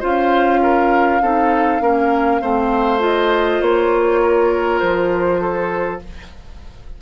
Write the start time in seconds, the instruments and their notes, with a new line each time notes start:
0.00 bassoon C#4, clarinet F4, oboe C5, flute F5
0.62 oboe A#4
1.21 bassoon C4, clarinet D#4, oboe A4
1.81 bassoon A#3, clarinet C#4, oboe A#4
2.41 bassoon A3, clarinet C4, oboe C5
3.00 clarinet F4, flute D#5
3.61 bassoon A#3, flute C#5
4.22 oboe A#4
4.79 bassoon F3, flute C5
5.41 oboe A4